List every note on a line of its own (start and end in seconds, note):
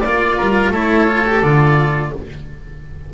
0.00 0.39 A#3
0.00 0.73 F4
0.00 0.35 D5
0.00 0.70 D5
0.36 0.70 G3
0.36 0.71 A#4
0.70 1.40 A3
0.70 1.08 E4
0.70 2.11 A4
0.70 1.42 C#5
1.08 1.25 F4
1.26 1.43 G4
1.42 2.12 D3
1.42 2.13 F4
1.42 2.12 D5